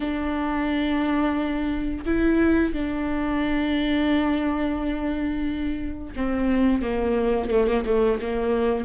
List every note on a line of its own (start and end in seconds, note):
0.00 2.05 D4
2.05 2.73 E4
2.73 6.14 D4
6.16 6.82 C4
6.82 7.50 A#3
7.50 7.67 A3
7.67 7.84 A#3
7.85 8.19 A3
8.21 8.85 A#3